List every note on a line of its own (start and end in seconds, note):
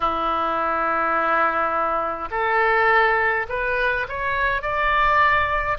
0.00 2.28 E4
2.31 3.46 A4
3.49 4.06 B4
4.08 4.62 C#5
4.62 5.77 D5